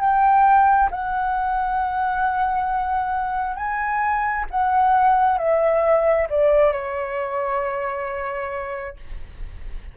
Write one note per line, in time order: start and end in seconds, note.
0.00 0.90 G5
0.90 3.56 F#5
3.56 4.45 G#5
4.50 5.38 F#5
5.38 6.27 E5
6.29 6.72 D5
6.72 8.96 C#5